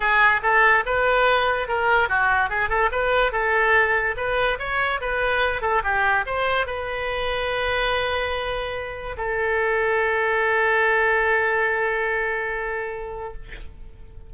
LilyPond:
\new Staff \with { instrumentName = "oboe" } { \time 4/4 \tempo 4 = 144 gis'4 a'4 b'2 | ais'4 fis'4 gis'8 a'8 b'4 | a'2 b'4 cis''4 | b'4. a'8 g'4 c''4 |
b'1~ | b'2 a'2~ | a'1~ | a'1 | }